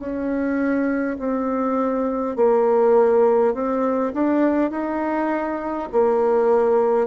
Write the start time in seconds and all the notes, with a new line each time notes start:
0.00 C#4
1.19 C4
2.36 A#3
3.55 C4
4.14 D4
4.72 D#4
5.93 A#3